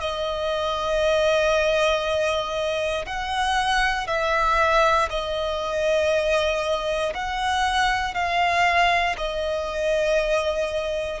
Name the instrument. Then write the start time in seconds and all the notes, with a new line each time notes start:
violin
0.00 D#5
3.06 F#5
4.07 E5
5.09 D#5
7.14 F#5
8.14 F5
9.17 D#5